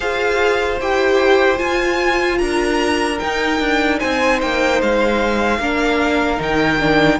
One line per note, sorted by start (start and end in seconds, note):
0.00 0.80 F4
0.00 0.77 G#4
0.00 2.39 C5
0.00 0.79 F5
0.80 1.60 E4
0.80 1.56 G4
0.80 1.58 G5
1.56 3.16 F4
1.56 2.40 F4
1.56 2.38 G#5
2.38 3.20 D4
2.38 3.99 A#4
2.38 3.18 A#5
3.19 5.61 D#4
3.19 3.59 D#4
3.19 3.99 G5
3.59 3.99 D4
3.99 4.42 C4
3.99 5.59 C5
3.99 4.39 G#5
4.41 4.82 A#3
4.41 4.81 G5
4.81 5.58 G#3
4.81 6.41 F5
5.58 6.39 A#3
5.58 6.37 D4
5.58 7.19 A#4
6.37 7.19 D#3
6.37 6.77 D#4
6.37 7.19 G5
6.79 7.19 D4